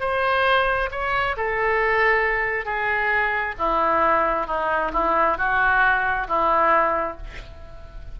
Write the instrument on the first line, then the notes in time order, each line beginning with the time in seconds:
oboe
0.00 C5
0.91 C#5
1.37 A4
2.65 G#4
3.58 E4
4.47 D#4
4.93 E4
5.38 F#4
6.28 E4